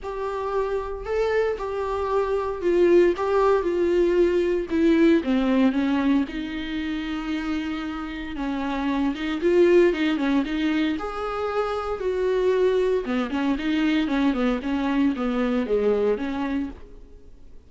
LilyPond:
\new Staff \with { instrumentName = "viola" } { \time 4/4 \tempo 4 = 115 g'2 a'4 g'4~ | g'4 f'4 g'4 f'4~ | f'4 e'4 c'4 cis'4 | dis'1 |
cis'4. dis'8 f'4 dis'8 cis'8 | dis'4 gis'2 fis'4~ | fis'4 b8 cis'8 dis'4 cis'8 b8 | cis'4 b4 gis4 cis'4 | }